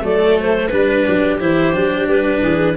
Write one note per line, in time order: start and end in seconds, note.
0.00 0.71 F#3
0.00 0.68 A3
0.00 0.72 A4
0.00 0.39 D5
0.40 0.68 C5
0.68 1.07 G3
0.68 1.39 D4
0.68 1.36 B4
0.68 1.05 B4
1.05 1.40 F#3
1.05 2.42 G4
1.39 1.73 E3
1.39 1.73 E4
1.39 2.07 C5
1.73 2.07 F#3
1.73 2.76 D4
2.07 2.41 G3
2.07 2.76 B4
2.42 2.76 E3
2.42 2.76 G#4